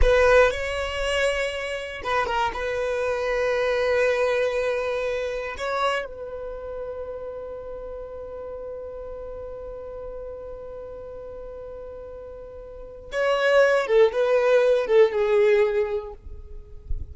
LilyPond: \new Staff \with { instrumentName = "violin" } { \time 4/4 \tempo 4 = 119 b'4 cis''2. | b'8 ais'8 b'2.~ | b'2. cis''4 | b'1~ |
b'1~ | b'1~ | b'2 cis''4. a'8 | b'4. a'8 gis'2 | }